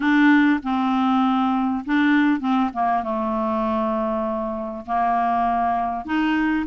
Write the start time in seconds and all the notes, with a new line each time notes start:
0.00 D4
0.63 C4
1.85 D4
2.40 C4
2.73 A#3
3.03 A3
4.86 A#3
6.05 D#4